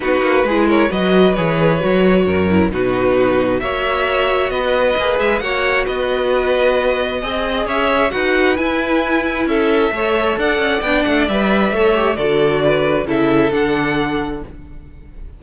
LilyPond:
<<
  \new Staff \with { instrumentName = "violin" } { \time 4/4 \tempo 4 = 133 b'4. cis''8 dis''4 cis''4~ | cis''2 b'2 | e''2 dis''4. e''8 | fis''4 dis''2.~ |
dis''4 e''4 fis''4 gis''4~ | gis''4 e''2 fis''4 | g''8 fis''8 e''2 d''4~ | d''4 e''4 fis''2 | }
  \new Staff \with { instrumentName = "violin" } { \time 4/4 fis'4 gis'8 ais'8 b'2~ | b'4 ais'4 fis'2 | cis''2 b'2 | cis''4 b'2. |
dis''4 cis''4 b'2~ | b'4 a'4 cis''4 d''4~ | d''2 cis''4 a'4 | b'4 a'2. | }
  \new Staff \with { instrumentName = "viola" } { \time 4/4 dis'4 e'4 fis'4 gis'4 | fis'4. e'8 dis'2 | fis'2. gis'4 | fis'1 |
gis'2 fis'4 e'4~ | e'2 a'2 | d'4 b'4 a'8 g'8 fis'4~ | fis'4 e'4 d'2 | }
  \new Staff \with { instrumentName = "cello" } { \time 4/4 b8 ais8 gis4 fis4 e4 | fis4 fis,4 b,2 | ais2 b4 ais8 gis8 | ais4 b2. |
c'4 cis'4 dis'4 e'4~ | e'4 cis'4 a4 d'8 cis'8 | b8 a8 g4 a4 d4~ | d4 cis4 d2 | }
>>